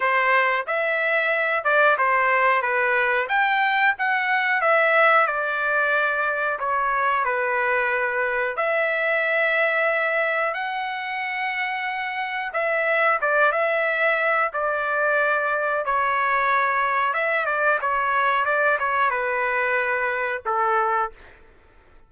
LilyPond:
\new Staff \with { instrumentName = "trumpet" } { \time 4/4 \tempo 4 = 91 c''4 e''4. d''8 c''4 | b'4 g''4 fis''4 e''4 | d''2 cis''4 b'4~ | b'4 e''2. |
fis''2. e''4 | d''8 e''4. d''2 | cis''2 e''8 d''8 cis''4 | d''8 cis''8 b'2 a'4 | }